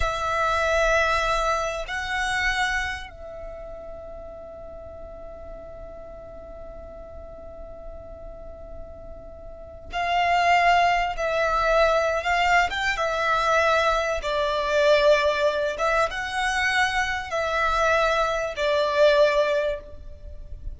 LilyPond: \new Staff \with { instrumentName = "violin" } { \time 4/4 \tempo 4 = 97 e''2. fis''4~ | fis''4 e''2.~ | e''1~ | e''1 |
f''2 e''4.~ e''16 f''16~ | f''8 g''8 e''2 d''4~ | d''4. e''8 fis''2 | e''2 d''2 | }